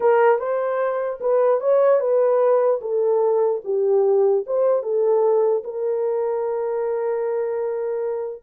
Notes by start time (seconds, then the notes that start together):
0.00 A#4
0.38 C5
1.20 B4
1.60 C#5
1.99 B4
2.81 A4
3.64 G4
4.46 C5
4.82 A4
5.64 A#4